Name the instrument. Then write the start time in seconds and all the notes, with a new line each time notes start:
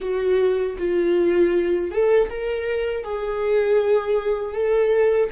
viola
0.00 F#4
0.78 F4
1.91 A4
2.29 A#4
3.04 G#4
4.54 A4